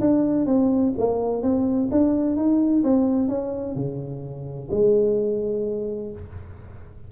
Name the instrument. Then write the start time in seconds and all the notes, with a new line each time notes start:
tuba
0.00 D4
0.46 C4
0.97 A#3
1.42 C4
1.91 D4
2.36 D#4
2.83 C4
3.28 C#4
3.75 C#3
4.71 G#3